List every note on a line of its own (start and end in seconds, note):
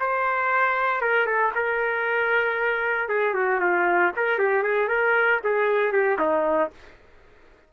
0.00 1.01 C5
1.01 1.26 A#4
1.26 1.52 A4
1.55 3.09 A#4
3.09 3.35 G#4
3.35 3.60 F#4
3.60 4.12 F4
4.16 4.39 A#4
4.39 4.63 G4
4.63 4.89 G#4
4.89 5.40 A#4
5.44 5.92 G#4
5.92 6.18 G4
6.19 6.71 D#4